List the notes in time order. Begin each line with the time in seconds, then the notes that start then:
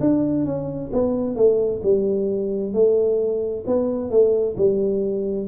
0.00 D4
0.45 C#4
0.93 B3
1.36 A3
1.83 G3
2.74 A3
3.67 B3
4.10 A3
4.57 G3